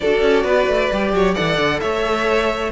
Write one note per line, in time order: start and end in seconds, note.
0.00 0.21 D4
0.00 0.92 F#4
0.00 0.43 A4
0.00 1.34 D5
0.21 0.44 C#4
0.43 0.66 B3
0.43 1.12 B4
0.67 0.90 A3
0.92 1.12 G3
0.92 1.35 G4
1.12 1.35 F#3
1.12 1.34 C#5
1.34 1.58 E3
1.34 2.71 A4
1.34 1.80 D5
1.34 1.79 F#5
1.58 1.80 D3
1.79 2.71 A3
1.79 2.71 C#5
1.79 2.70 E5